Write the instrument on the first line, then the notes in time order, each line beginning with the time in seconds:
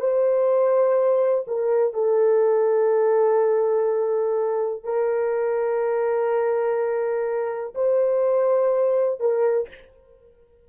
horn
0.00 C5
1.47 A#4
1.94 A4
4.84 A#4
7.75 C5
9.20 A#4